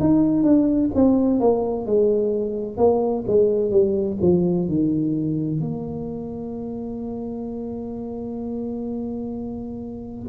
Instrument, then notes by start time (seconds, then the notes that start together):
tuba
0.00 D#4
0.43 D4
0.95 C4
1.40 A#3
1.86 G#3
2.77 A#3
3.27 G#3
3.71 G3
4.21 F3
4.68 D#3
5.60 A#3